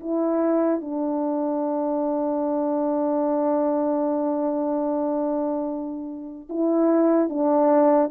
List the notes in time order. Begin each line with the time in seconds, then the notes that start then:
0.00 E4
0.81 D4
6.49 E4
7.29 D4